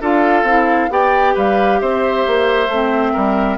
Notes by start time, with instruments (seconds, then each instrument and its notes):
0.00 bassoon D4, clarinet F4, oboe A4, flute F5
0.43 bassoon C4, clarinet E4
0.89 bassoon B3, clarinet G4, oboe D5, flute G5
1.34 bassoon G3, oboe B4, flute F5
1.80 bassoon C4, oboe C5, flute E5
2.26 bassoon A#3
2.68 bassoon A3, clarinet C4
3.12 bassoon G3, oboe A#4